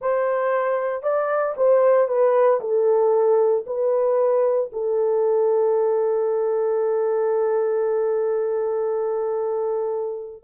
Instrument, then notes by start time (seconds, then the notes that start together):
horn
0.01 C5
1.02 D5
1.57 C5
2.08 B4
2.60 A4
3.66 B4
4.72 A4